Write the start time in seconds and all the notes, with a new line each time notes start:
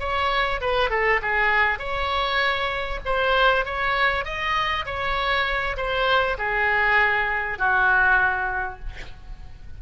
0.00 C#5
0.61 B4
0.90 A4
1.22 G#4
1.79 C#5
3.06 C5
3.66 C#5
4.25 D#5
4.86 C#5
5.77 C5
6.38 G#4
7.59 F#4